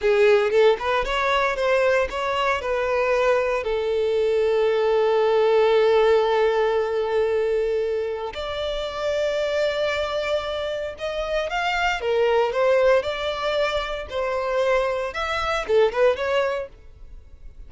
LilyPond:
\new Staff \with { instrumentName = "violin" } { \time 4/4 \tempo 4 = 115 gis'4 a'8 b'8 cis''4 c''4 | cis''4 b'2 a'4~ | a'1~ | a'1 |
d''1~ | d''4 dis''4 f''4 ais'4 | c''4 d''2 c''4~ | c''4 e''4 a'8 b'8 cis''4 | }